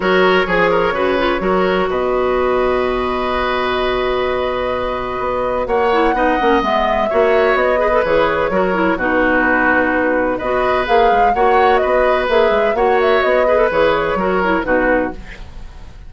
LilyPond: <<
  \new Staff \with { instrumentName = "flute" } { \time 4/4 \tempo 4 = 127 cis''1 | dis''1~ | dis''1 | fis''2 e''2 |
dis''4 cis''2 b'4~ | b'2 dis''4 f''4 | fis''4 dis''4 e''4 fis''8 e''8 | dis''4 cis''2 b'4 | }
  \new Staff \with { instrumentName = "oboe" } { \time 4/4 ais'4 gis'8 ais'8 b'4 ais'4 | b'1~ | b'1 | cis''4 dis''2 cis''4~ |
cis''8 b'4. ais'4 fis'4~ | fis'2 b'2 | cis''4 b'2 cis''4~ | cis''8 b'4. ais'4 fis'4 | }
  \new Staff \with { instrumentName = "clarinet" } { \time 4/4 fis'4 gis'4 fis'8 f'8 fis'4~ | fis'1~ | fis'1~ | fis'8 e'8 dis'8 cis'8 b4 fis'4~ |
fis'8 gis'16 a'16 gis'4 fis'8 e'8 dis'4~ | dis'2 fis'4 gis'4 | fis'2 gis'4 fis'4~ | fis'8 gis'16 a'16 gis'4 fis'8 e'8 dis'4 | }
  \new Staff \with { instrumentName = "bassoon" } { \time 4/4 fis4 f4 cis4 fis4 | b,1~ | b,2. b4 | ais4 b8 ais8 gis4 ais4 |
b4 e4 fis4 b,4~ | b,2 b4 ais8 gis8 | ais4 b4 ais8 gis8 ais4 | b4 e4 fis4 b,4 | }
>>